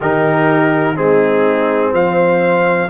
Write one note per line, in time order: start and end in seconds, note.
0.00 0.97 D#3
0.00 0.95 D#4
0.00 0.96 G4
0.00 0.96 A#4
0.95 1.92 G#3
0.95 2.89 C4
0.95 1.91 D#4
0.95 1.93 G#4
1.91 2.89 F3
1.91 2.87 C5
1.91 2.90 F5